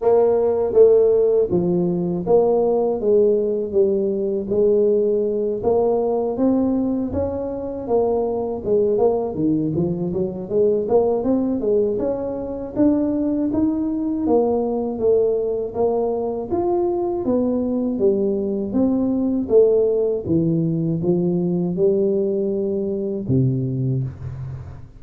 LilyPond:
\new Staff \with { instrumentName = "tuba" } { \time 4/4 \tempo 4 = 80 ais4 a4 f4 ais4 | gis4 g4 gis4. ais8~ | ais8 c'4 cis'4 ais4 gis8 | ais8 dis8 f8 fis8 gis8 ais8 c'8 gis8 |
cis'4 d'4 dis'4 ais4 | a4 ais4 f'4 b4 | g4 c'4 a4 e4 | f4 g2 c4 | }